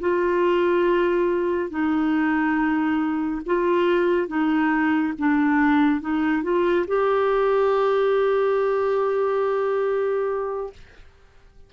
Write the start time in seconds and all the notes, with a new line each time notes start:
0.00 F4
1.70 D#4
3.46 F4
4.28 D#4
5.19 D4
6.01 D#4
6.43 F4
6.87 G4